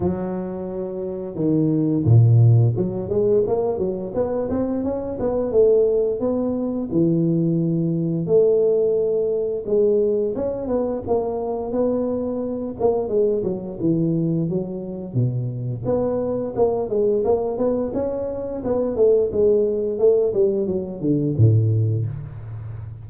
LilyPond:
\new Staff \with { instrumentName = "tuba" } { \time 4/4 \tempo 4 = 87 fis2 dis4 ais,4 | fis8 gis8 ais8 fis8 b8 c'8 cis'8 b8 | a4 b4 e2 | a2 gis4 cis'8 b8 |
ais4 b4. ais8 gis8 fis8 | e4 fis4 b,4 b4 | ais8 gis8 ais8 b8 cis'4 b8 a8 | gis4 a8 g8 fis8 d8 a,4 | }